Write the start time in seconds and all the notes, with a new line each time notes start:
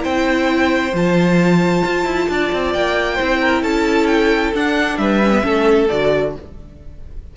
0.00 C4 E4 C5 G5
0.93 F3 F4 A5
1.85 F4
2.05 E4
2.29 D4 D5
2.53 C4
2.73 A#3 G5
3.14 E4 C5
3.21 C4
3.41 A#4
3.62 C#4 A4 A5
4.07 G5
4.54 D4 F#5
4.98 G3 B4 E5
5.23 C#4
5.32 B3
5.42 A3 C#4 A4
5.89 D3 F#4 D5